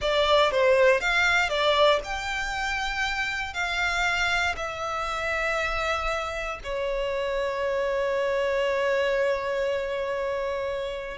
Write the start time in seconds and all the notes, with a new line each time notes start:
0.01 D5
0.51 C5
1.00 F5
1.49 D5
2.04 G5
3.53 F5
4.56 E5
6.63 C#5